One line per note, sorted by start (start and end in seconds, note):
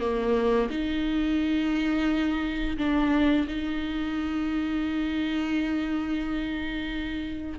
0.00 0.69 A#3
0.70 2.77 D#4
2.77 3.46 D4
3.47 7.59 D#4